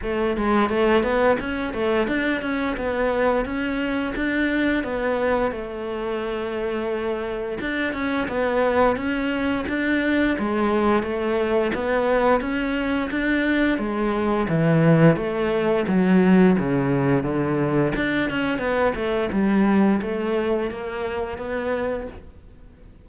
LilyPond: \new Staff \with { instrumentName = "cello" } { \time 4/4 \tempo 4 = 87 a8 gis8 a8 b8 cis'8 a8 d'8 cis'8 | b4 cis'4 d'4 b4 | a2. d'8 cis'8 | b4 cis'4 d'4 gis4 |
a4 b4 cis'4 d'4 | gis4 e4 a4 fis4 | cis4 d4 d'8 cis'8 b8 a8 | g4 a4 ais4 b4 | }